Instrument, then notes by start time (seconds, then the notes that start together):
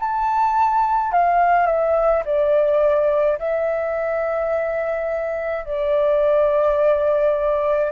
flute
0.00 A5
1.12 F5
1.67 E5
2.25 D5
3.39 E5
5.66 D5